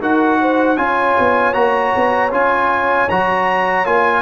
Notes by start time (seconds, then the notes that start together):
0.00 D#4 F#4 A#4 F#5
0.40 C5
0.77 C#4 F4 C#5 G#5
1.19 B3
1.53 A#3 F#4 A#5
1.96 B3
2.31 C#4 F4 G#5
3.09 F#3 F#4 A#5
3.85 A#3 F4 G#5